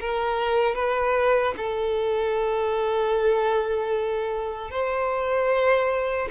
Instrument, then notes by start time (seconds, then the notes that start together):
violin
0.00 A#4
0.75 B4
1.57 A4
4.70 C5